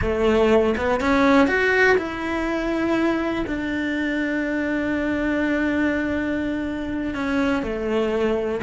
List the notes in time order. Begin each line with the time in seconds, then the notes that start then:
0.01 A3
0.77 B3
1.00 C#4
1.47 F#4
1.97 E4
3.46 D4
7.14 C#4
7.63 A3